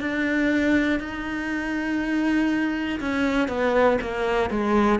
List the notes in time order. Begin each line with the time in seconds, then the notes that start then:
0.00 D4
1.00 D#4
3.00 C#4
3.49 B3
4.02 A#3
4.50 G#3